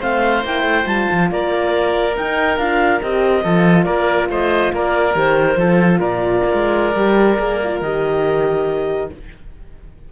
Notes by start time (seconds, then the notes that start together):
0.00 A3 C4 C5 F5
0.44 A#3 E4 G5
0.63 A3
0.84 G3 F4 A5
1.11 F3
1.31 A#3 A#4 D5
2.15 D#4 G5
2.57 D4 F4 F5
3.01 C4 G4 D#5
3.44 F3 F4 A4
3.84 A#3 A#4 D5
4.29 A3 C5 D#5
4.73 A#3 A#4 D5
5.13 D#3 G4 C5
5.56 F3 F4 A4
6.00 A#2 A#4 D5
6.44 A#3
6.53 G#3
6.95 G3 G4
7.38 A#3 G#4
7.64 F4
7.81 D#3 G4 D#5